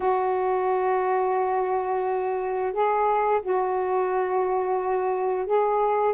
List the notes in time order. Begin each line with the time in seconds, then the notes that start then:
0.00 F#4
2.72 G#4
3.42 F#4
5.46 G#4